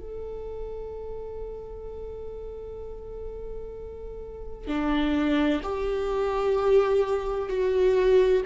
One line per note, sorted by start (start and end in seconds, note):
0.00 4.67 A4
4.67 5.61 D4
5.63 7.49 G4
7.49 8.43 F#4